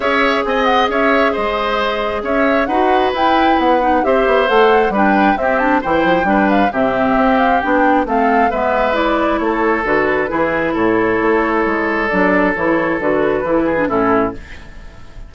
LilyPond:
<<
  \new Staff \with { instrumentName = "flute" } { \time 4/4 \tempo 4 = 134 e''4 gis''8 fis''8 e''4 dis''4~ | dis''4 e''4 fis''4 g''4 | fis''4 e''4 fis''4 g''4 | e''8 a''8 g''4. f''8 e''4~ |
e''8 f''8 g''4 f''4 e''4 | d''4 cis''4 b'2 | cis''2. d''4 | cis''4 b'2 a'4 | }
  \new Staff \with { instrumentName = "oboe" } { \time 4/4 cis''4 dis''4 cis''4 c''4~ | c''4 cis''4 b'2~ | b'4 c''2 b'4 | g'4 c''4 b'4 g'4~ |
g'2 a'4 b'4~ | b'4 a'2 gis'4 | a'1~ | a'2~ a'8 gis'8 e'4 | }
  \new Staff \with { instrumentName = "clarinet" } { \time 4/4 gis'1~ | gis'2 fis'4 e'4~ | e'8 dis'8 g'4 a'4 d'4 | c'8 d'8 e'4 d'4 c'4~ |
c'4 d'4 c'4 b4 | e'2 fis'4 e'4~ | e'2. d'4 | e'4 fis'4 e'8. d'16 cis'4 | }
  \new Staff \with { instrumentName = "bassoon" } { \time 4/4 cis'4 c'4 cis'4 gis4~ | gis4 cis'4 dis'4 e'4 | b4 c'8 b8 a4 g4 | c'4 e8 f8 g4 c4 |
c'4 b4 a4 gis4~ | gis4 a4 d4 e4 | a,4 a4 gis4 fis4 | e4 d4 e4 a,4 | }
>>